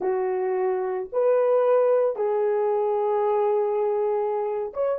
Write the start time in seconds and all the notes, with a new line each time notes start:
0.00 F#4
1.12 B4
2.16 G#4
4.73 C#5